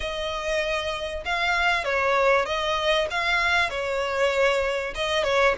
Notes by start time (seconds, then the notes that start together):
0.00 D#5
1.25 F5
1.84 C#5
2.45 D#5
3.10 F5
3.70 C#5
4.94 D#5
5.23 C#5